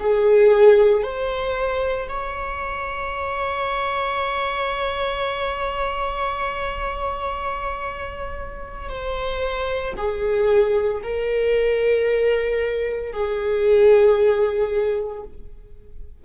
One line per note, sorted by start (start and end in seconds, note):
0.00 1.03 G#4
1.03 2.08 C5
2.09 8.89 C#5
8.89 9.94 C5
9.97 11.02 G#4
11.03 13.12 A#4
13.12 15.23 G#4